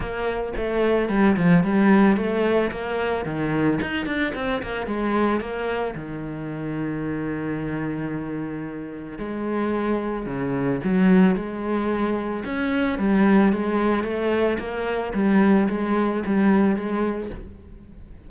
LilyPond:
\new Staff \with { instrumentName = "cello" } { \time 4/4 \tempo 4 = 111 ais4 a4 g8 f8 g4 | a4 ais4 dis4 dis'8 d'8 | c'8 ais8 gis4 ais4 dis4~ | dis1~ |
dis4 gis2 cis4 | fis4 gis2 cis'4 | g4 gis4 a4 ais4 | g4 gis4 g4 gis4 | }